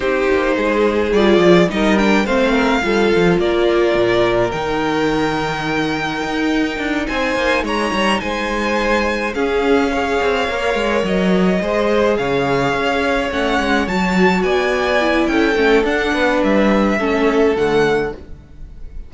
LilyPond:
<<
  \new Staff \with { instrumentName = "violin" } { \time 4/4 \tempo 4 = 106 c''2 d''4 dis''8 g''8 | f''2 d''2 | g''1~ | g''8 gis''4 ais''4 gis''4.~ |
gis''8 f''2. dis''8~ | dis''4. f''2 fis''8~ | fis''8 a''4 gis''4. g''4 | fis''4 e''2 fis''4 | }
  \new Staff \with { instrumentName = "violin" } { \time 4/4 g'4 gis'2 ais'4 | c''8 ais'8 a'4 ais'2~ | ais'1~ | ais'8 c''4 cis''4 c''4.~ |
c''8 gis'4 cis''2~ cis''8~ | cis''8 c''4 cis''2~ cis''8~ | cis''4. d''4. a'4~ | a'8 b'4. a'2 | }
  \new Staff \with { instrumentName = "viola" } { \time 4/4 dis'2 f'4 dis'8 d'8 | c'4 f'2. | dis'1~ | dis'1~ |
dis'8 cis'4 gis'4 ais'4.~ | ais'8 gis'2. cis'8~ | cis'8 fis'2 e'4 cis'8 | d'2 cis'4 a4 | }
  \new Staff \with { instrumentName = "cello" } { \time 4/4 c'8 ais8 gis4 g8 f8 g4 | a4 g8 f8 ais4 ais,4 | dis2. dis'4 | d'8 c'8 ais8 gis8 g8 gis4.~ |
gis8 cis'4. c'8 ais8 gis8 fis8~ | fis8 gis4 cis4 cis'4 a8 | gis8 fis4 b4. cis'8 a8 | d'8 b8 g4 a4 d4 | }
>>